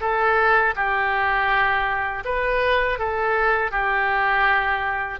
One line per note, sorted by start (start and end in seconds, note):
0.00 0.74 A4
0.75 2.23 G4
2.25 2.98 B4
2.98 3.71 A4
3.71 5.19 G4